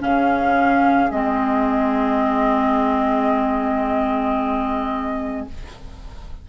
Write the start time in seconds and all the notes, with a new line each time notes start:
0.00 C#3 C#4 G#4 F5
1.11 G#3 C4 D#5